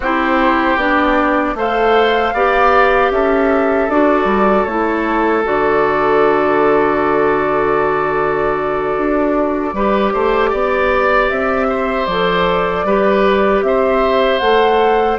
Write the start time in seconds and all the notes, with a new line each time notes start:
0.00 C4 E4 G4 C5
0.76 B3 D4 D5
1.55 A3 A4 C5 F5
2.33 B3 G4 D5
3.11 C#4 A4 E5
3.89 D4 F#4 D5
4.24 G3
4.64 A3 E4 C#5
5.43 D3 F#4 D5
8.97 D4
9.73 G3 G4 B4
10.13 A3 C5
10.50 B3 D5
11.29 C4 E5
11.69 C5
12.05 F3 A4 D5
12.84 G3 G4 B4
13.62 C4 C5 E5
14.38 A3 A4 F#5